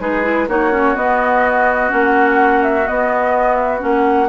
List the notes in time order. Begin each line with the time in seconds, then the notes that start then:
0.00 G#3 D#4 G#4 B4
0.23 E4
0.48 A#3 D#4 F#4 C#5
0.72 C#4
0.95 B3 D#5
1.88 A#3 C#4 F#5
2.63 E5
2.87 B3 D#5
3.55 E5
3.79 A#3 C#4 F#5